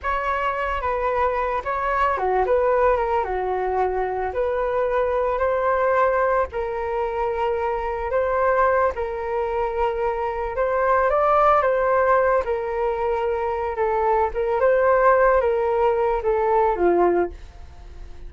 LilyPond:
\new Staff \with { instrumentName = "flute" } { \time 4/4 \tempo 4 = 111 cis''4. b'4. cis''4 | fis'8 b'4 ais'8 fis'2 | b'2 c''2 | ais'2. c''4~ |
c''8 ais'2. c''8~ | c''8 d''4 c''4. ais'4~ | ais'4. a'4 ais'8 c''4~ | c''8 ais'4. a'4 f'4 | }